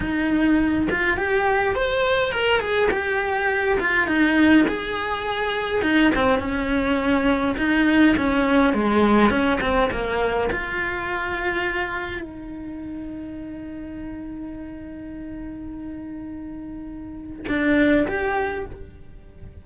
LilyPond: \new Staff \with { instrumentName = "cello" } { \time 4/4 \tempo 4 = 103 dis'4. f'8 g'4 c''4 | ais'8 gis'8 g'4. f'8 dis'4 | gis'2 dis'8 c'8 cis'4~ | cis'4 dis'4 cis'4 gis4 |
cis'8 c'8 ais4 f'2~ | f'4 dis'2.~ | dis'1~ | dis'2 d'4 g'4 | }